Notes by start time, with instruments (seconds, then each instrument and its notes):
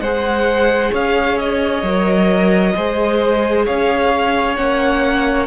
0.00 cello G#3, viola G#4, violin C5 F#5
0.91 cello C#4, violin C#5 F5
1.38 violin D#5
1.83 cello F#3, viola A#4
2.76 cello G#3, viola G#4, violin C5
3.66 cello C#4, violin C#5 F5
4.56 cello A#3, viola C#4, violin F#5